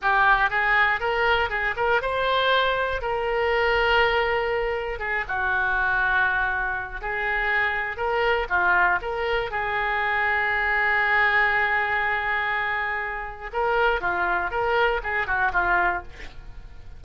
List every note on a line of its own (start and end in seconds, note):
0.01 0.50 G4
0.50 1.00 G#4
1.00 1.49 A#4
1.49 1.74 G#4
1.76 2.01 A#4
2.01 3.01 C5
3.01 4.99 A#4
4.99 5.24 G#4
5.27 7.01 F#4
7.01 7.96 G#4
7.96 8.46 A#4
8.49 8.99 F4
9.01 9.50 A#4
9.50 13.50 G#4
13.52 14.00 A#4
14.00 14.50 F4
14.50 15.00 A#4
15.03 15.26 G#4
15.26 15.51 F#4
15.52 16.02 F4